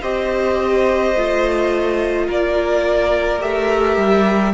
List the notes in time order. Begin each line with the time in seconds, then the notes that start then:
0.00 C4 G4 C5 D#5
1.15 A3 F4
2.27 A#3 A#4 D5
3.40 A3 G4 E5
3.97 G3